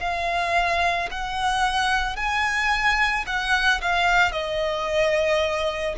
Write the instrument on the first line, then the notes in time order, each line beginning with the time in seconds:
violin
0.00 F5
1.12 F#5
2.17 G#5
3.27 F#5
3.82 F5
4.32 D#5